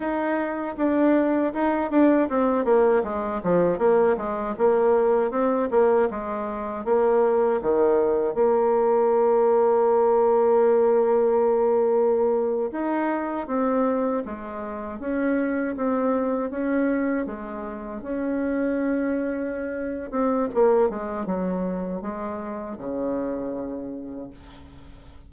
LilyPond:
\new Staff \with { instrumentName = "bassoon" } { \time 4/4 \tempo 4 = 79 dis'4 d'4 dis'8 d'8 c'8 ais8 | gis8 f8 ais8 gis8 ais4 c'8 ais8 | gis4 ais4 dis4 ais4~ | ais1~ |
ais8. dis'4 c'4 gis4 cis'16~ | cis'8. c'4 cis'4 gis4 cis'16~ | cis'2~ cis'8 c'8 ais8 gis8 | fis4 gis4 cis2 | }